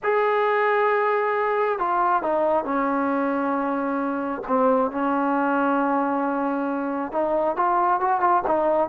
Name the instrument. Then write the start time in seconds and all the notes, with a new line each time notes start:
trombone
0.03 G#4
1.78 F4
2.22 D#4
2.64 C#4
4.47 C4
4.91 C#4
7.12 D#4
7.56 F4
8.00 F#4
8.20 F4
8.47 D#4